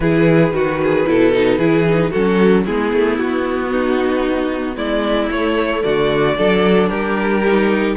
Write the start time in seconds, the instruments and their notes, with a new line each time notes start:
0.00 cello E3, viola E4, violin G#4 B4
0.52 cello D#3, viola F#4, violin F#4
0.82 violin G#4
1.05 cello B2, viola E4, violin A4
1.32 viola D#4
1.58 cello E3, viola E4, violin G#4
1.86 viola D#4
2.10 cello F#3, viola C#4, violin F#4 A4
2.65 cello G#3, viola B3, violin E4 G#4
2.92 cello A3
3.18 cello B3, violin F#4
3.71 violin D#4
4.76 cello G#3, violin E4 D5
5.30 cello A3, viola A3, violin C#5
5.83 cello D3, violin F#4 D5
6.37 cello F#3, viola D4, violin A4
6.89 cello G3, violin G4 A#4
7.46 viola D#4